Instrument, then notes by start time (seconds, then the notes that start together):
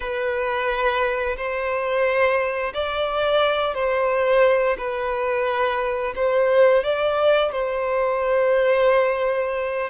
violin
0.00 B4
1.36 C5
2.73 D5
3.74 C5
4.77 B4
6.15 C5
6.83 D5
7.52 C5